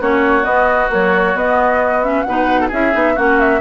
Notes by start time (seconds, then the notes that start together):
0.00 A#3 C#4 F#4 C#5
0.44 B3 D#5
0.89 F#3 A#3 C#5
1.35 B3 D#5
2.02 C#4 E5
2.23 B2 D#4 B4 F#5
2.61 A4
2.68 C#4 E4 G#4 E5
2.92 B3 D#4
3.15 A#3 C#4 F#4 F#5
3.40 E5